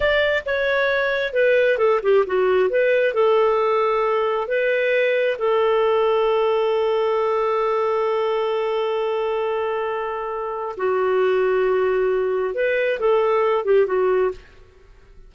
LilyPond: \new Staff \with { instrumentName = "clarinet" } { \time 4/4 \tempo 4 = 134 d''4 cis''2 b'4 | a'8 g'8 fis'4 b'4 a'4~ | a'2 b'2 | a'1~ |
a'1~ | a'1 | fis'1 | b'4 a'4. g'8 fis'4 | }